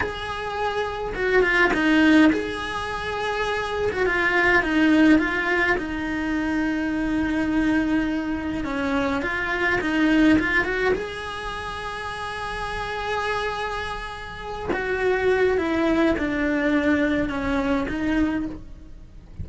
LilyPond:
\new Staff \with { instrumentName = "cello" } { \time 4/4 \tempo 4 = 104 gis'2 fis'8 f'8 dis'4 | gis'2~ gis'8. fis'16 f'4 | dis'4 f'4 dis'2~ | dis'2. cis'4 |
f'4 dis'4 f'8 fis'8 gis'4~ | gis'1~ | gis'4. fis'4. e'4 | d'2 cis'4 dis'4 | }